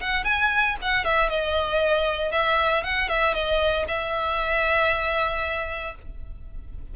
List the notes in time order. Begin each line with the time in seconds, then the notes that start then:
0.00 F#5
0.24 G#5
0.82 F#5
1.04 E5
1.29 D#5
2.31 E5
2.83 F#5
3.08 E5
3.34 D#5
3.87 E5